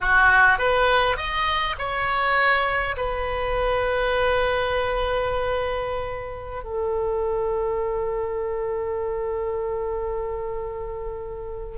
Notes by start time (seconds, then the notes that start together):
0.00 F#4
0.58 B4
1.16 D#5
1.78 C#5
2.97 B4
6.63 A4